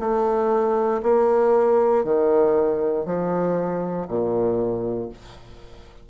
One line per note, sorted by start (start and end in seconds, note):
0.00 1.02 A3
1.03 2.05 A#3
2.05 3.06 D#3
3.06 4.07 F3
4.08 5.10 A#2